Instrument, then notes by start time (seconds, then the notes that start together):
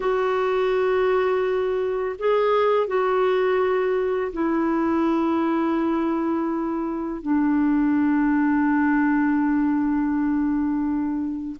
clarinet
0.00 F#4
2.19 G#4
2.87 F#4
4.32 E4
7.22 D4